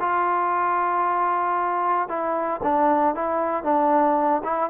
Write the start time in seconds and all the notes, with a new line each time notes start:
0.00 F4
2.08 E4
2.63 D4
3.15 E4
3.63 D4
4.44 E4